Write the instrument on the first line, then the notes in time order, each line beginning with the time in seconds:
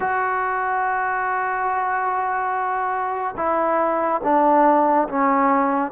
trombone
0.00 F#4
3.36 E4
4.23 D4
5.08 C#4